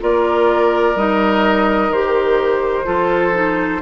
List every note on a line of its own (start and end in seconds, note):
0.00 0.96 A#3
0.00 0.95 F4
0.00 2.86 A#4
0.00 0.97 D5
0.96 1.89 G3
0.96 1.92 D#4
0.96 1.92 D#5
1.89 2.85 D#3
1.89 2.84 G4
1.89 3.82 C5
2.84 3.82 F3
2.84 3.32 F4
2.84 3.81 A4
3.33 3.81 D#4